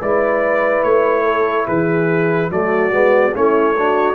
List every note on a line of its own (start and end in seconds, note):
0.00 0.84 G#3
0.00 2.50 E4
0.00 1.24 B4
0.00 0.83 D5
0.83 1.67 A3
0.83 1.66 C#5
1.24 1.65 A4
1.66 2.50 E3
1.66 2.50 G#4
1.66 2.51 B4
2.50 2.91 F#3
2.50 2.91 A3
2.50 3.35 F#4
2.50 3.35 D5
2.91 3.33 G#3
2.91 3.32 B3
3.33 4.15 A3
3.33 3.75 C#4
3.33 3.76 E4
3.33 4.15 C#5
3.77 4.15 D4
3.77 4.15 F#4